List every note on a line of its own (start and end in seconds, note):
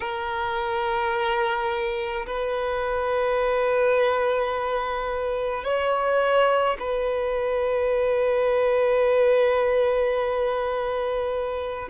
0.00 2.25 A#4
2.26 5.63 B4
5.63 6.77 C#5
6.79 11.89 B4